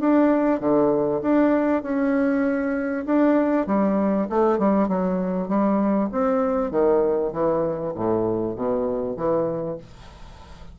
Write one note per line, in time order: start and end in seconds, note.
0.00 0.60 D4
0.60 1.22 D3
1.22 1.83 D4
1.83 3.05 C#4
3.06 3.67 D4
3.67 4.28 G3
4.30 4.59 A3
4.59 4.88 G3
4.88 5.49 F#3
5.49 6.10 G3
6.12 6.71 C4
6.71 7.32 D#3
7.32 7.94 E3
7.95 8.56 A2
8.56 9.17 B2
9.17 9.78 E3